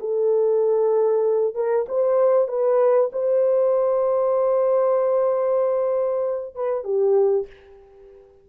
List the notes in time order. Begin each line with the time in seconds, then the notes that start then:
0.00 A4
1.55 A#4
1.89 C5
2.49 B4
3.13 C5
6.56 B4
6.84 G4